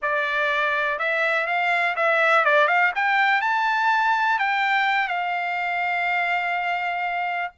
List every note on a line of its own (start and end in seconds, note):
0.02 0.98 D5
0.98 1.46 E5
1.46 1.95 F5
1.96 2.44 E5
2.45 2.67 D5
2.67 2.92 F5
2.95 3.41 G5
3.41 4.38 A5
4.38 5.07 G5
5.07 7.51 F5